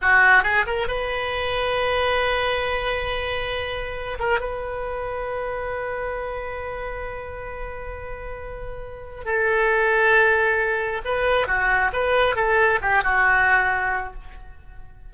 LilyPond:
\new Staff \with { instrumentName = "oboe" } { \time 4/4 \tempo 4 = 136 fis'4 gis'8 ais'8 b'2~ | b'1~ | b'4. ais'8 b'2~ | b'1~ |
b'1~ | b'4 a'2.~ | a'4 b'4 fis'4 b'4 | a'4 g'8 fis'2~ fis'8 | }